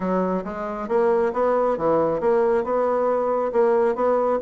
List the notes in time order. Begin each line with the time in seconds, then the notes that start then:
0.00 F#3
0.44 G#3
0.88 A#3
1.33 B3
1.77 E3
2.20 A#3
2.64 B3
3.52 A#3
3.95 B3